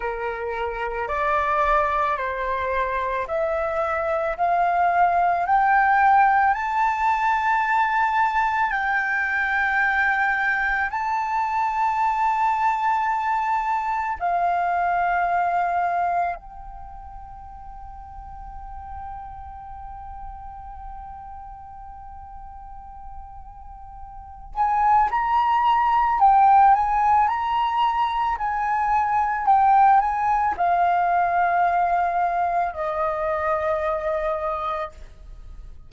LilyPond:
\new Staff \with { instrumentName = "flute" } { \time 4/4 \tempo 4 = 55 ais'4 d''4 c''4 e''4 | f''4 g''4 a''2 | g''2 a''2~ | a''4 f''2 g''4~ |
g''1~ | g''2~ g''8 gis''8 ais''4 | g''8 gis''8 ais''4 gis''4 g''8 gis''8 | f''2 dis''2 | }